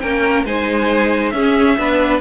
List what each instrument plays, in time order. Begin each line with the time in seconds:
0.00 cello A#3, viola C#4, violin A#4 G5
0.45 cello G#3, viola D#4, violin C5 G#5
1.30 cello C#4, viola C#4, violin G#4 E5
1.78 cello B3, viola D4, violin B4